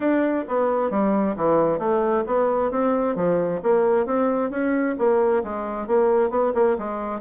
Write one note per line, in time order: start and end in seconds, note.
0.00 0.44 D4
0.47 0.90 B3
0.90 1.35 G3
1.36 1.79 E3
1.79 2.24 A3
2.26 2.71 B3
2.71 3.15 C4
3.15 3.60 F3
3.63 4.06 A#3
4.06 4.50 C4
4.50 4.95 C#4
4.98 5.43 A#3
5.43 5.87 G#3
5.87 6.30 A#3
6.30 6.52 B3
6.54 6.77 A#3
6.78 7.21 G#3